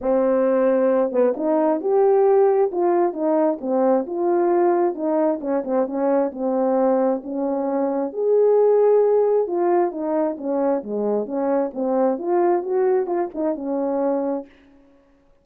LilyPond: \new Staff \with { instrumentName = "horn" } { \time 4/4 \tempo 4 = 133 c'2~ c'8 b8 dis'4 | g'2 f'4 dis'4 | c'4 f'2 dis'4 | cis'8 c'8 cis'4 c'2 |
cis'2 gis'2~ | gis'4 f'4 dis'4 cis'4 | gis4 cis'4 c'4 f'4 | fis'4 f'8 dis'8 cis'2 | }